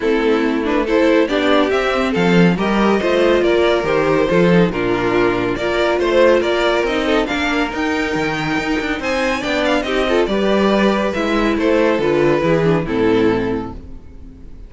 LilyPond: <<
  \new Staff \with { instrumentName = "violin" } { \time 4/4 \tempo 4 = 140 a'4. b'8 c''4 d''4 | e''4 f''4 dis''2 | d''4 c''2 ais'4~ | ais'4 d''4 c''4 d''4 |
dis''4 f''4 g''2~ | g''4 gis''4 g''8 f''8 dis''4 | d''2 e''4 c''4 | b'2 a'2 | }
  \new Staff \with { instrumentName = "violin" } { \time 4/4 e'2 a'4 g'4~ | g'4 a'4 ais'4 c''4 | ais'2 a'4 f'4~ | f'4 ais'4 c''4 ais'4~ |
ais'8 a'8 ais'2.~ | ais'4 c''4 d''4 g'8 a'8 | b'2. a'4~ | a'4 gis'4 e'2 | }
  \new Staff \with { instrumentName = "viola" } { \time 4/4 c'4. d'8 e'4 d'4 | c'2 g'4 f'4~ | f'4 g'4 f'8 dis'8 d'4~ | d'4 f'2. |
dis'4 d'4 dis'2~ | dis'2 d'4 dis'8 f'8 | g'2 e'2 | f'4 e'8 d'8 c'2 | }
  \new Staff \with { instrumentName = "cello" } { \time 4/4 a2. b4 | c'4 f4 g4 a4 | ais4 dis4 f4 ais,4~ | ais,4 ais4 a4 ais4 |
c'4 ais4 dis'4 dis4 | dis'8 d'8 c'4 b4 c'4 | g2 gis4 a4 | d4 e4 a,2 | }
>>